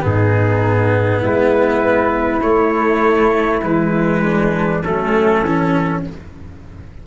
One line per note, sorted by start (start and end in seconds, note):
0.00 1.23 G#2
0.00 2.40 B3
0.00 1.21 D#4
0.00 1.24 G#4
1.21 2.43 G#3
1.21 4.21 E4
1.21 2.41 B4
2.41 3.60 A3
2.41 3.62 A3
2.41 3.61 C#5
3.62 4.83 E3
3.62 4.82 G#3
3.62 4.83 B4
4.22 4.82 D4
4.83 5.41 F#3
4.83 5.46 A3
4.83 6.03 C#4
4.83 6.03 A4
5.41 6.01 E3
5.41 6.06 C#4